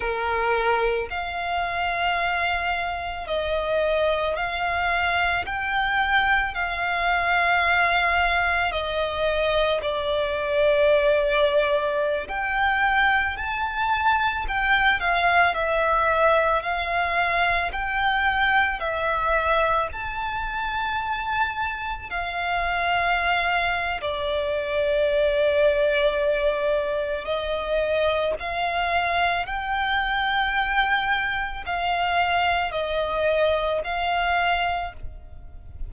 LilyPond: \new Staff \with { instrumentName = "violin" } { \time 4/4 \tempo 4 = 55 ais'4 f''2 dis''4 | f''4 g''4 f''2 | dis''4 d''2~ d''16 g''8.~ | g''16 a''4 g''8 f''8 e''4 f''8.~ |
f''16 g''4 e''4 a''4.~ a''16~ | a''16 f''4.~ f''16 d''2~ | d''4 dis''4 f''4 g''4~ | g''4 f''4 dis''4 f''4 | }